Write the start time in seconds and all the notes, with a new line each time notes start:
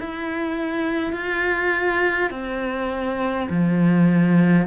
0.00 E4
1.13 F4
2.30 C4
3.50 F3